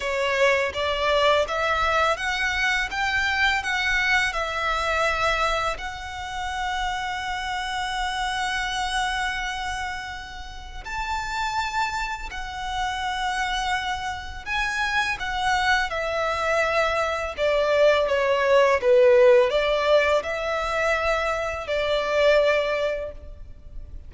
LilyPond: \new Staff \with { instrumentName = "violin" } { \time 4/4 \tempo 4 = 83 cis''4 d''4 e''4 fis''4 | g''4 fis''4 e''2 | fis''1~ | fis''2. a''4~ |
a''4 fis''2. | gis''4 fis''4 e''2 | d''4 cis''4 b'4 d''4 | e''2 d''2 | }